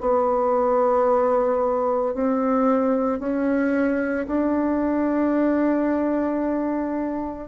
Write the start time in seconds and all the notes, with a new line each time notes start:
0.00 B3
2.14 C4
3.19 C#4
4.27 D4